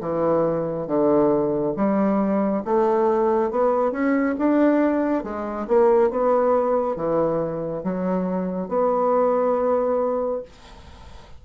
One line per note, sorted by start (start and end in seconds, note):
0.00 0.87 E3
0.87 1.74 D3
1.76 2.63 G3
2.64 3.50 A3
3.50 3.91 B3
3.91 4.35 C#4
4.38 5.23 D4
5.23 5.66 G#3
5.67 6.10 A#3
6.10 6.96 B3
6.96 7.83 E3
7.83 8.68 F#3
8.68 10.42 B3